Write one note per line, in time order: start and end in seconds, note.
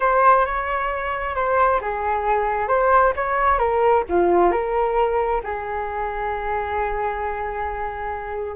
0.00 0.45 C5
0.45 1.35 C#5
1.35 1.80 C5
1.81 2.68 G#4
2.68 3.13 C5
3.16 3.58 C#5
3.58 4.03 A#4
4.08 4.51 F4
4.51 5.41 A#4
5.43 8.55 G#4